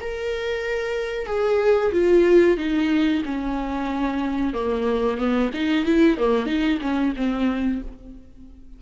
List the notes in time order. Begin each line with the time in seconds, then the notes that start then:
0.00 A#4
1.26 G#4
1.92 F4
2.57 D#4
3.25 C#4
4.53 A#3
5.17 B3
5.53 D#4
5.85 E4
6.17 A#3
6.46 D#4
6.81 C#4
7.16 C4